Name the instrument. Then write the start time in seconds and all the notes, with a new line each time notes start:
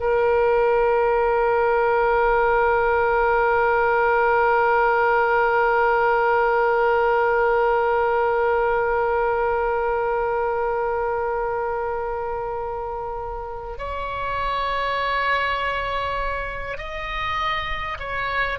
oboe
0.00 A#4
13.78 C#5
16.77 D#5
17.99 C#5